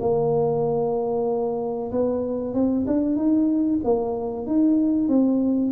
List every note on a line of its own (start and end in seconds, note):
0.00 1.91 A#3
1.92 2.54 B3
2.54 2.86 C4
2.87 3.16 D4
3.16 3.80 D#4
3.84 4.47 A#3
4.47 5.09 D#4
5.09 5.72 C4